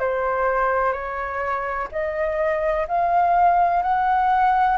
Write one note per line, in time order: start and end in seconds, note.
0.00 0.93 C5
0.93 1.88 C#5
1.92 2.87 D#5
2.88 3.83 F5
3.83 4.78 F#5